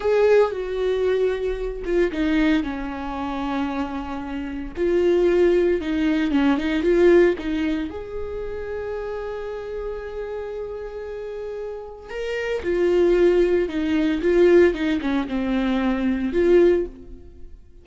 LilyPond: \new Staff \with { instrumentName = "viola" } { \time 4/4 \tempo 4 = 114 gis'4 fis'2~ fis'8 f'8 | dis'4 cis'2.~ | cis'4 f'2 dis'4 | cis'8 dis'8 f'4 dis'4 gis'4~ |
gis'1~ | gis'2. ais'4 | f'2 dis'4 f'4 | dis'8 cis'8 c'2 f'4 | }